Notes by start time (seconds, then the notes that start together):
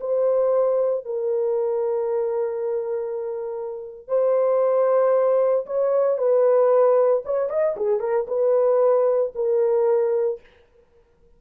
0.00 C5
1.05 A#4
4.08 C5
5.66 C#5
6.17 B4
7.25 C#5
7.49 D#5
7.77 G#4
8.00 A#4
8.28 B4
9.35 A#4